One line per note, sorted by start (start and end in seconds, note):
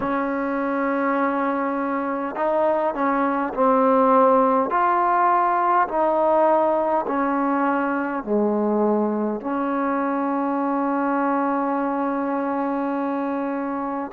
0.00 2.35 C#4
2.35 2.94 D#4
2.94 3.53 C#4
3.53 4.70 C4
4.70 5.87 F4
5.88 7.05 D#4
7.06 8.24 C#4
8.24 9.40 G#3
9.40 14.11 C#4